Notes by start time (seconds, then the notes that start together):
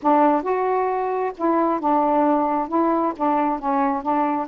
0.02 D4
0.42 F#4
1.37 E4
1.80 D4
2.68 E4
3.16 D4
3.59 C#4
4.02 D4